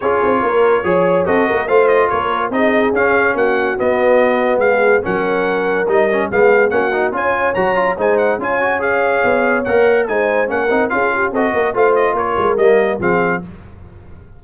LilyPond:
<<
  \new Staff \with { instrumentName = "trumpet" } { \time 4/4 \tempo 4 = 143 cis''2. dis''4 | f''8 dis''8 cis''4 dis''4 f''4 | fis''4 dis''2 f''4 | fis''2 dis''4 f''4 |
fis''4 gis''4 ais''4 gis''8 fis''8 | gis''4 f''2 fis''4 | gis''4 fis''4 f''4 dis''4 | f''8 dis''8 cis''4 dis''4 f''4 | }
  \new Staff \with { instrumentName = "horn" } { \time 4/4 gis'4 ais'4 cis''4 a'8 ais'8 | c''4 ais'4 gis'2 | fis'2. gis'4 | ais'2. gis'4 |
fis'4 cis''2 c''4 | cis''1 | c''4 ais'4 gis'8 g'8 a'8 ais'8 | c''4 ais'2 gis'4 | }
  \new Staff \with { instrumentName = "trombone" } { \time 4/4 f'2 gis'4 fis'4 | f'2 dis'4 cis'4~ | cis'4 b2. | cis'2 dis'8 cis'8 b4 |
cis'8 dis'8 f'4 fis'8 f'8 dis'4 | f'8 fis'8 gis'2 ais'4 | dis'4 cis'8 dis'8 f'4 fis'4 | f'2 ais4 c'4 | }
  \new Staff \with { instrumentName = "tuba" } { \time 4/4 cis'8 c'8 ais4 f4 c'8 ais8 | a4 ais4 c'4 cis'4 | ais4 b2 gis4 | fis2 g4 gis4 |
ais4 cis'4 fis4 gis4 | cis'2 b4 ais4 | gis4 ais8 c'8 cis'4 c'8 ais8 | a4 ais8 gis8 g4 f4 | }
>>